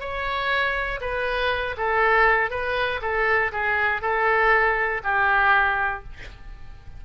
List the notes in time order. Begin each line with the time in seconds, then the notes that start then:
0.00 C#5
1.01 B4
1.77 A4
2.50 B4
3.01 A4
3.52 G#4
4.02 A4
5.03 G4